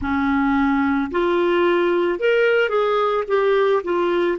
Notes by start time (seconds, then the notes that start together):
0.01 C#4
1.11 F4
2.19 A#4
2.69 G#4
3.27 G4
3.83 F4